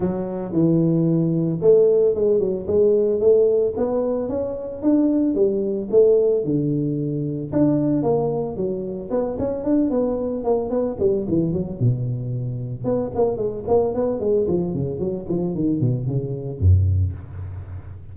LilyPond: \new Staff \with { instrumentName = "tuba" } { \time 4/4 \tempo 4 = 112 fis4 e2 a4 | gis8 fis8 gis4 a4 b4 | cis'4 d'4 g4 a4 | d2 d'4 ais4 |
fis4 b8 cis'8 d'8 b4 ais8 | b8 g8 e8 fis8 b,2 | b8 ais8 gis8 ais8 b8 gis8 f8 cis8 | fis8 f8 dis8 b,8 cis4 fis,4 | }